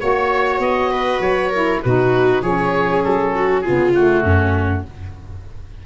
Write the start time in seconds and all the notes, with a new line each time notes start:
0.00 A#3 F#4 C#5
0.59 B3 D#5
0.92 B4
1.20 F#3 C#5
1.51 E4 A#4
1.83 B2 D#4 F#4 B4
2.42 F3 C#4 G#4 C#5
3.04 F#3 A4
3.35 F#4
3.61 B3 F4 G#4
3.69 C#3
3.94 A3 F#4
4.24 F#2 C#4